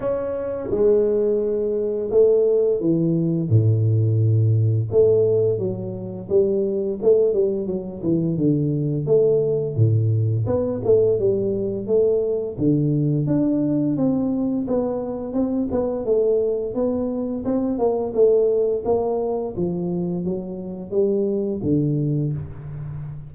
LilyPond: \new Staff \with { instrumentName = "tuba" } { \time 4/4 \tempo 4 = 86 cis'4 gis2 a4 | e4 a,2 a4 | fis4 g4 a8 g8 fis8 e8 | d4 a4 a,4 b8 a8 |
g4 a4 d4 d'4 | c'4 b4 c'8 b8 a4 | b4 c'8 ais8 a4 ais4 | f4 fis4 g4 d4 | }